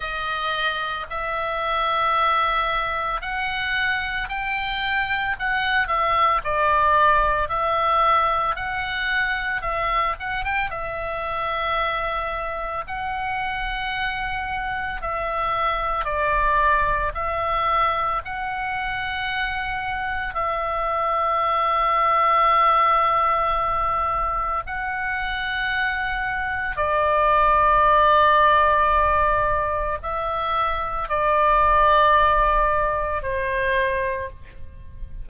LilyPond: \new Staff \with { instrumentName = "oboe" } { \time 4/4 \tempo 4 = 56 dis''4 e''2 fis''4 | g''4 fis''8 e''8 d''4 e''4 | fis''4 e''8 fis''16 g''16 e''2 | fis''2 e''4 d''4 |
e''4 fis''2 e''4~ | e''2. fis''4~ | fis''4 d''2. | e''4 d''2 c''4 | }